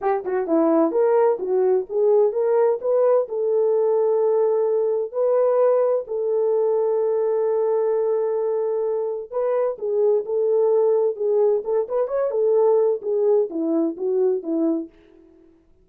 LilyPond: \new Staff \with { instrumentName = "horn" } { \time 4/4 \tempo 4 = 129 g'8 fis'8 e'4 ais'4 fis'4 | gis'4 ais'4 b'4 a'4~ | a'2. b'4~ | b'4 a'2.~ |
a'1 | b'4 gis'4 a'2 | gis'4 a'8 b'8 cis''8 a'4. | gis'4 e'4 fis'4 e'4 | }